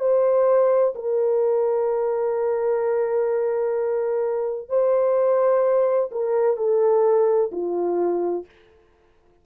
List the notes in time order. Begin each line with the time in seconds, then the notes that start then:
0.00 C5
0.95 A#4
4.69 C5
6.12 A#4
6.57 A4
7.52 F4